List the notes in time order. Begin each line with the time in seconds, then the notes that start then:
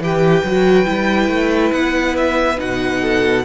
0.00 E3 G4 B4 G5
0.44 F#3 F#4
0.86 G3 E4
1.29 A3
1.73 B3 F#5
2.17 E5
2.57 B2 D#4 F#5
3.01 A4